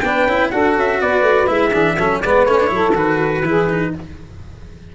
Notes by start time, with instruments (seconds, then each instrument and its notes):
0.00 tuba B3, cello D4, saxophone B4, trumpet G5
0.26 tuba C#4, cello E4
0.51 tuba D4, cello F#4, saxophone A4, trumpet F#5
0.77 tuba C#4, trumpet E5
1.01 tuba B3, saxophone B4, trumpet D5
1.22 tuba A3
1.47 tuba G#3, cello E4, trumpet E5
1.70 tuba E3, cello D4, saxophone G#4
1.98 tuba F#3, cello C#4, saxophone A4
2.21 tuba G#3, cello B3, saxophone B4, trumpet D5
2.45 tuba A3, cello C#4, trumpet C#5
2.60 cello D4
2.67 tuba F#3, cello E4, saxophone A4
2.95 tuba D#3, cello F#4, trumpet B4
3.42 tuba E3, cello E4, saxophone G#4
3.70 cello D#4